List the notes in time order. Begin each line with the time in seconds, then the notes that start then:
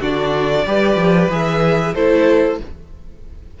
0.00 D3 D4 F#4 D5
0.66 G3 G4 B4
0.96 F3
1.28 E3 G#4 E5
1.93 A3 E4 A4 C5